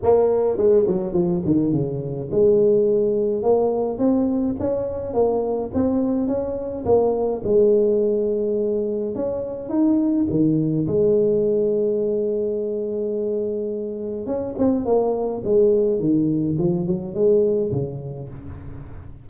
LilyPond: \new Staff \with { instrumentName = "tuba" } { \time 4/4 \tempo 4 = 105 ais4 gis8 fis8 f8 dis8 cis4 | gis2 ais4 c'4 | cis'4 ais4 c'4 cis'4 | ais4 gis2. |
cis'4 dis'4 dis4 gis4~ | gis1~ | gis4 cis'8 c'8 ais4 gis4 | dis4 f8 fis8 gis4 cis4 | }